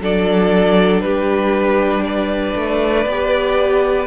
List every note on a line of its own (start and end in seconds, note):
0.00 1.02 F#3
0.00 3.07 D4
0.00 1.03 A4
0.00 1.01 D5
1.01 2.54 G3
1.01 2.05 G4
1.01 2.03 B4
2.04 4.07 B4
2.04 4.07 D5
2.55 3.05 A3
3.05 4.07 B3
3.05 4.07 G4